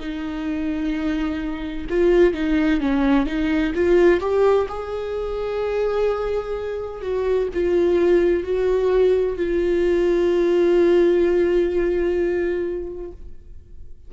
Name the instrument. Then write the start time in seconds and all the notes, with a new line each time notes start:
viola
0.00 D#4
1.90 F4
2.34 D#4
2.81 C#4
3.26 D#4
3.75 F4
4.21 G4
4.69 G#4
7.02 F#4
7.54 F4
8.44 F#4
9.37 F4